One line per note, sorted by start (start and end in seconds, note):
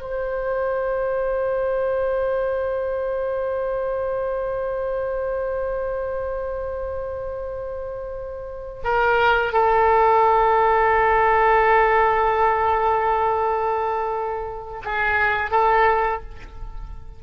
0.00 8.82 C5
8.84 9.53 A#4
9.53 14.82 A4
14.84 15.50 G#4
15.50 16.21 A4